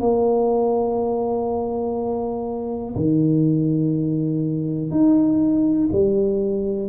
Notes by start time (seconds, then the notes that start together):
0.00 A#3
2.96 D#3
4.91 D#4
5.92 G3